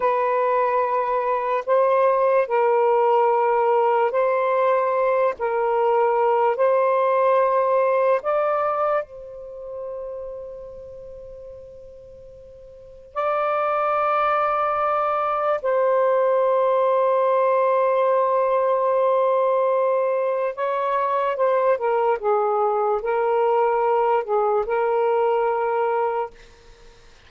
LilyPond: \new Staff \with { instrumentName = "saxophone" } { \time 4/4 \tempo 4 = 73 b'2 c''4 ais'4~ | ais'4 c''4. ais'4. | c''2 d''4 c''4~ | c''1 |
d''2. c''4~ | c''1~ | c''4 cis''4 c''8 ais'8 gis'4 | ais'4. gis'8 ais'2 | }